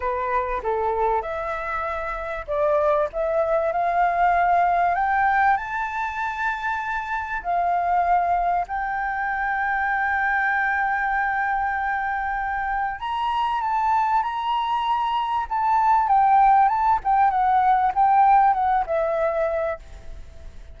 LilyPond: \new Staff \with { instrumentName = "flute" } { \time 4/4 \tempo 4 = 97 b'4 a'4 e''2 | d''4 e''4 f''2 | g''4 a''2. | f''2 g''2~ |
g''1~ | g''4 ais''4 a''4 ais''4~ | ais''4 a''4 g''4 a''8 g''8 | fis''4 g''4 fis''8 e''4. | }